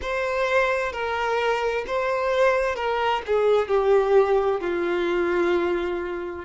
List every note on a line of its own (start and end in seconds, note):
0.01 0.92 C5
0.92 1.84 A#4
1.87 2.75 C5
2.75 3.21 A#4
3.26 3.68 G#4
3.68 4.60 G4
4.60 6.44 F4